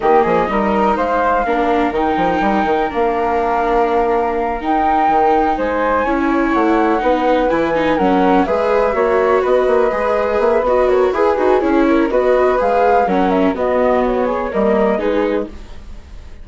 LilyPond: <<
  \new Staff \with { instrumentName = "flute" } { \time 4/4 \tempo 4 = 124 dis''2 f''2 | g''2 f''2~ | f''4. g''2 gis''8~ | gis''4. fis''2 gis''8~ |
gis''8 fis''4 e''2 dis''8~ | dis''4. e''8 dis''8 cis''8 b'4 | cis''4 dis''4 f''4 fis''8 e''8 | dis''4 cis''4 dis''4 b'4 | }
  \new Staff \with { instrumentName = "flute" } { \time 4/4 g'8 gis'8 ais'4 c''4 ais'4~ | ais'1~ | ais'2.~ ais'8 c''8~ | c''8 cis''2 b'4.~ |
b'8 ais'4 b'4 cis''4 b'8~ | b'2~ b'8 ais'8 gis'4~ | gis'8 ais'8 b'2 ais'4 | fis'4. gis'8 ais'4 gis'4 | }
  \new Staff \with { instrumentName = "viola" } { \time 4/4 ais4 dis'2 d'4 | dis'2 d'2~ | d'4. dis'2~ dis'8~ | dis'8 e'2 dis'4 e'8 |
dis'8 cis'4 gis'4 fis'4.~ | fis'8 gis'4. fis'4 gis'8 fis'8 | e'4 fis'4 gis'4 cis'4 | b2 ais4 dis'4 | }
  \new Staff \with { instrumentName = "bassoon" } { \time 4/4 dis8 f8 g4 gis4 ais4 | dis8 f8 g8 dis8 ais2~ | ais4. dis'4 dis4 gis8~ | gis8 cis'4 a4 b4 e8~ |
e8 fis4 gis4 ais4 b8 | ais8 gis4 ais8 b4 e'8 dis'8 | cis'4 b4 gis4 fis4 | b2 g4 gis4 | }
>>